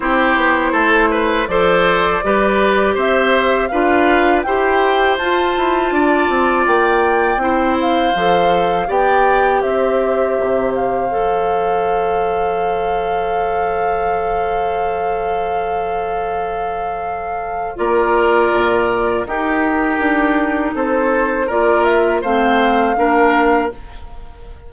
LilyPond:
<<
  \new Staff \with { instrumentName = "flute" } { \time 4/4 \tempo 4 = 81 c''2 d''2 | e''4 f''4 g''4 a''4~ | a''4 g''4. f''4. | g''4 e''4. f''4.~ |
f''1~ | f''1 | d''2 ais'2 | c''4 d''8 e''8 f''2 | }
  \new Staff \with { instrumentName = "oboe" } { \time 4/4 g'4 a'8 b'8 c''4 b'4 | c''4 b'4 c''2 | d''2 c''2 | d''4 c''2.~ |
c''1~ | c''1 | ais'2 g'2 | a'4 ais'4 c''4 ais'4 | }
  \new Staff \with { instrumentName = "clarinet" } { \time 4/4 e'2 a'4 g'4~ | g'4 f'4 g'4 f'4~ | f'2 e'4 a'4 | g'2. a'4~ |
a'1~ | a'1 | f'2 dis'2~ | dis'4 f'4 c'4 d'4 | }
  \new Staff \with { instrumentName = "bassoon" } { \time 4/4 c'8 b8 a4 f4 g4 | c'4 d'4 e'4 f'8 e'8 | d'8 c'8 ais4 c'4 f4 | b4 c'4 c4 f4~ |
f1~ | f1 | ais4 ais,4 dis'4 d'4 | c'4 ais4 a4 ais4 | }
>>